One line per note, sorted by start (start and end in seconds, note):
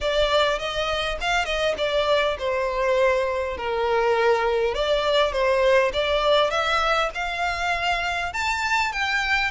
0.00 0.58 D5
0.58 1.18 D#5
1.20 1.45 F5
1.45 1.74 D#5
1.77 2.37 D5
2.38 3.57 C5
3.57 4.74 A#4
4.74 5.32 D5
5.32 5.91 C5
5.93 6.50 D5
6.50 7.10 E5
7.14 8.33 F5
8.33 8.92 A5
8.92 9.50 G5